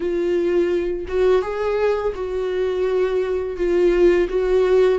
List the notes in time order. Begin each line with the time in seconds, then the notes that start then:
0.00 F4
1.07 F#4
1.42 G#4
2.14 F#4
3.56 F4
4.29 F#4